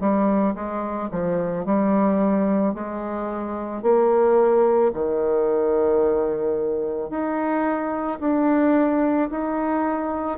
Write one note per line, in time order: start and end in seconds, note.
0.00 0.55 G3
0.55 1.10 G#3
1.12 1.66 F3
1.66 2.74 G3
2.74 3.83 G#3
3.83 4.92 A#3
4.94 7.10 D#3
7.10 8.19 D#4
8.20 9.29 D4
9.31 10.38 D#4